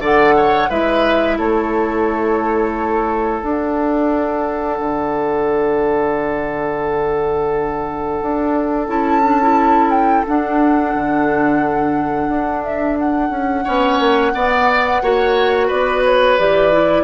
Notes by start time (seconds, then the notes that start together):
0.00 D3 A4 D5 F#5
0.37 C#5
0.70 G#3 E4 B4 E5
1.38 A3 A4 C#5
3.43 D4 F#5
4.80 D3
8.22 D4
8.88 C#4 E4 A5
9.24 D4
9.42 E4
9.91 G5
10.26 D4 F#5
10.95 D3
12.29 D4
12.64 E5
12.99 F#5
13.30 C#4
13.64 B3 C#4 C#5
13.99 A#3
14.35 B3 D5
15.03 A#3 F#4 C#5
15.68 B3 B4 D5
16.05 C#5
16.39 E3 G4 D5
16.73 E4